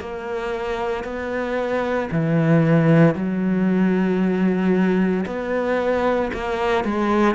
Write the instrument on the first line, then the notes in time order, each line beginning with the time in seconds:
cello
0.00 A#3
1.04 B3
2.11 E3
3.15 F#3
5.26 B3
6.33 A#3
6.84 G#3